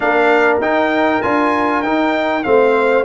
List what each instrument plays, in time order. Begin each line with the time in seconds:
0.00 tuba A#3, trombone D4, horn A#4, trumpet F5
0.60 tuba D#4, trombone D#4, trumpet G5
1.21 tuba D4, trombone F4, trumpet G#5
1.82 tuba D#4, trombone D#4, trumpet G5
2.43 tuba A3, trombone C4, horn C5, trumpet F5